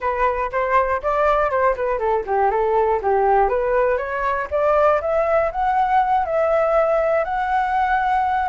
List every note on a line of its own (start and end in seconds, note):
0.00 0.50 B4
0.51 1.01 C5
1.02 1.50 D5
1.50 1.75 C5
1.75 1.99 B4
1.99 2.24 A4
2.26 2.50 G4
2.50 3.00 A4
3.02 3.48 G4
3.48 3.97 B4
3.97 4.47 C#5
4.50 5.00 D5
5.01 5.51 E5
5.51 6.25 F#5
6.25 7.24 E5
7.24 8.49 F#5